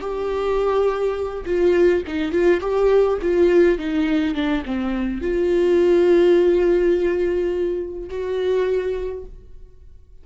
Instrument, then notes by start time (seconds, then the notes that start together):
viola
0.00 G4
1.45 F4
2.07 D#4
2.31 F4
2.60 G4
3.21 F4
3.78 D#4
4.34 D4
4.65 C4
5.21 F4
8.09 F#4